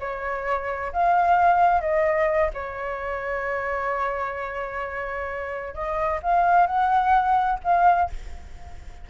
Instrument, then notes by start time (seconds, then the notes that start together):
flute
0.00 C#5
0.93 F5
1.81 D#5
2.54 C#5
5.74 D#5
6.23 F5
6.67 F#5
7.64 F5